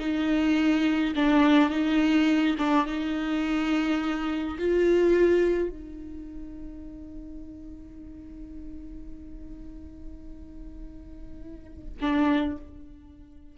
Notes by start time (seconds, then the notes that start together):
0.00 D#4
1.16 D4
1.70 D#4
2.59 D4
2.86 D#4
4.59 F4
5.69 D#4
12.01 D4